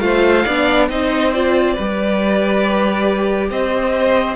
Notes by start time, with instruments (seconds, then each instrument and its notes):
0.00 cello A3, viola F4, violin C5 F5
0.45 cello B3, viola D4, violin D5
0.90 cello C4, viola D#4, violin C5 D#5
1.33 viola F4, violin D5
1.74 cello G3, viola G4, violin B4
3.50 cello C4, violin C5 D#5